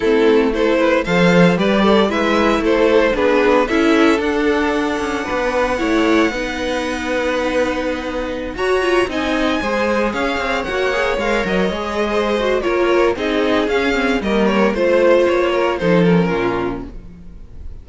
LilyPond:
<<
  \new Staff \with { instrumentName = "violin" } { \time 4/4 \tempo 4 = 114 a'4 c''4 f''4 d''4 | e''4 c''4 b'4 e''4 | fis''1~ | fis''1~ |
fis''16 ais''4 gis''2 f''8.~ | f''16 fis''4 f''8 dis''2~ dis''16 | cis''4 dis''4 f''4 dis''8 cis''8 | c''4 cis''4 c''8 ais'4. | }
  \new Staff \with { instrumentName = "violin" } { \time 4/4 e'4 a'8 b'8 c''4 b'8 a'8 | b'4 a'4 gis'4 a'4~ | a'2 b'4 cis''4 | b'1~ |
b'16 cis''4 dis''4 c''4 cis''8.~ | cis''2. c''4 | ais'4 gis'2 ais'4 | c''4. ais'8 a'4 f'4 | }
  \new Staff \with { instrumentName = "viola" } { \time 4/4 c'4 e'4 a'4 g'4 | e'2 d'4 e'4 | d'2. e'4 | dis'1~ |
dis'16 fis'8 f'8 dis'4 gis'4.~ gis'16~ | gis'16 fis'8 gis'8 ais'4 gis'4~ gis'16 fis'8 | f'4 dis'4 cis'8 c'8 ais4 | f'2 dis'8 cis'4. | }
  \new Staff \with { instrumentName = "cello" } { \time 4/4 a2 f4 g4 | gis4 a4 b4 cis'4 | d'4. cis'8 b4 a4 | b1~ |
b16 fis'4 c'4 gis4 cis'8 c'16~ | c'16 ais4 gis8 fis8 gis4.~ gis16 | ais4 c'4 cis'4 g4 | a4 ais4 f4 ais,4 | }
>>